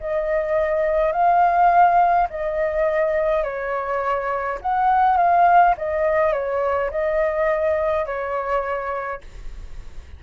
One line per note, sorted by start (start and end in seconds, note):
0.00 1.13 D#5
1.13 2.28 F5
2.30 3.44 D#5
3.44 4.59 C#5
4.62 5.17 F#5
5.17 5.75 F5
5.78 6.33 D#5
6.33 6.91 C#5
6.91 8.06 D#5
8.06 9.22 C#5